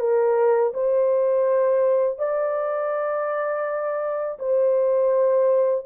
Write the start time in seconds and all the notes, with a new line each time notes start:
0.00 A#4
0.74 C5
2.19 D5
4.39 C5